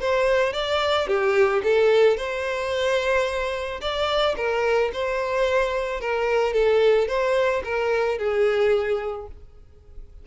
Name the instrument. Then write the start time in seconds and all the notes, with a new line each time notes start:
violin
0.00 C5
0.53 D5
1.07 G4
1.63 A4
2.17 C5
3.81 D5
4.37 A#4
4.93 C5
6.00 A#4
6.54 A4
7.08 C5
7.64 A#4
8.18 G#4